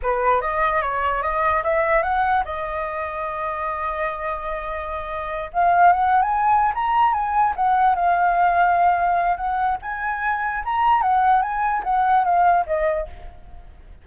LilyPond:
\new Staff \with { instrumentName = "flute" } { \time 4/4 \tempo 4 = 147 b'4 dis''4 cis''4 dis''4 | e''4 fis''4 dis''2~ | dis''1~ | dis''4. f''4 fis''8. gis''8.~ |
gis''8 ais''4 gis''4 fis''4 f''8~ | f''2. fis''4 | gis''2 ais''4 fis''4 | gis''4 fis''4 f''4 dis''4 | }